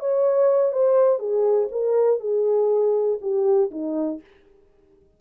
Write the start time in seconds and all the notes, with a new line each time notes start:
0.00 C#5
0.73 C5
1.19 G#4
1.72 A#4
2.20 G#4
3.21 G4
3.71 D#4